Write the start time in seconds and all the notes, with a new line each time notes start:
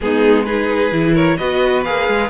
0.00 G#3 B3 D#4 G#4
0.44 D#4 G#4 B4
0.91 E3 E4
1.14 A#4 C#5
1.37 B3 F#4 B4 D#5
1.83 A#3 G#4 F5
2.07 G#3